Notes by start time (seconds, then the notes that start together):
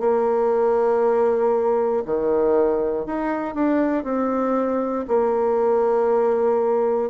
0.00 A#3
2.06 D#3
3.06 D#4
3.55 D4
4.04 C4
5.08 A#3